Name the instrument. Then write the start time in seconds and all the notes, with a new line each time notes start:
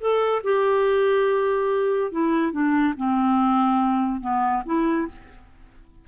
clarinet
0.00 A4
0.44 G4
2.12 E4
2.52 D4
2.97 C4
4.21 B3
4.66 E4